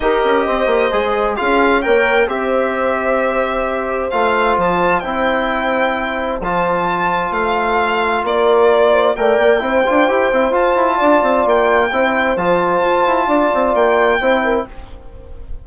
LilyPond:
<<
  \new Staff \with { instrumentName = "violin" } { \time 4/4 \tempo 4 = 131 dis''2. f''4 | g''4 e''2.~ | e''4 f''4 a''4 g''4~ | g''2 a''2 |
f''2 d''2 | g''2. a''4~ | a''4 g''2 a''4~ | a''2 g''2 | }
  \new Staff \with { instrumentName = "horn" } { \time 4/4 ais'4 c''2 gis'4 | cis''4 c''2.~ | c''1~ | c''1~ |
c''2 ais'4. c''8 | d''4 c''2. | d''2 c''2~ | c''4 d''2 c''8 ais'8 | }
  \new Staff \with { instrumentName = "trombone" } { \time 4/4 g'2 gis'4 f'4 | ais'4 g'2.~ | g'4 f'2 e'4~ | e'2 f'2~ |
f'1 | ais'4 e'8 f'8 g'8 e'8 f'4~ | f'2 e'4 f'4~ | f'2. e'4 | }
  \new Staff \with { instrumentName = "bassoon" } { \time 4/4 dis'8 cis'8 c'8 ais8 gis4 cis'4 | ais4 c'2.~ | c'4 a4 f4 c'4~ | c'2 f2 |
a2 ais2 | a8 ais8 c'8 d'8 e'8 c'8 f'8 e'8 | d'8 c'8 ais4 c'4 f4 | f'8 e'8 d'8 c'8 ais4 c'4 | }
>>